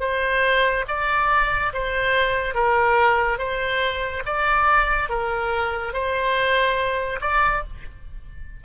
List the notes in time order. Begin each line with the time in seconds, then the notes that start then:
0.00 C5
0.88 D5
1.73 C5
2.54 A#4
3.38 C5
4.26 D5
5.09 A#4
5.93 C5
7.21 D5